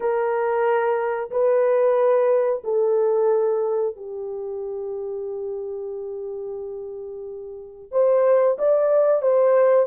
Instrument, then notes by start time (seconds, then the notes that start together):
horn
0.00 A#4
1.30 B4
2.64 A4
3.96 G4
7.91 C5
8.58 D5
9.21 C5